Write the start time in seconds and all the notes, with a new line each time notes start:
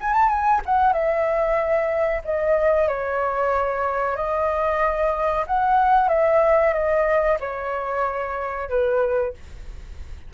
0.00 G#5
0.13 A5
0.28 G#5
0.65 F#5
0.92 E5
2.24 D#5
2.88 C#5
4.16 D#5
5.47 F#5
6.08 E5
6.73 D#5
7.40 C#5
8.69 B4